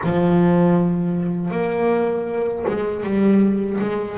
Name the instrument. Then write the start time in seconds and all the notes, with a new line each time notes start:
double bass
0.03 F3
1.50 A#3
2.67 G#3
3.03 G3
3.80 G#3